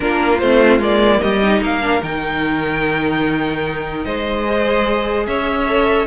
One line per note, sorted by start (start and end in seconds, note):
0.00 0.41 A#3
0.00 0.38 D4
0.00 1.20 F4
0.00 0.38 A#4
0.38 0.78 A3
0.38 0.80 C4
0.38 0.79 C5
0.78 1.19 G#3
0.78 1.41 A#3
0.78 1.22 D5
1.20 1.61 G3
1.20 1.61 G4
1.20 1.62 D#5
1.42 1.81 D#4
1.61 2.01 A#3
1.61 4.05 A#4
1.61 2.02 F5
1.81 2.01 D4
2.02 4.05 D#3
2.02 4.45 D#4
2.02 4.04 G5
4.04 5.27 G#3
4.04 5.27 C5
4.04 5.26 D#5
4.46 5.67 G#4
5.27 6.07 C#4
5.27 6.07 C#5
5.27 6.07 E5
5.67 6.07 A4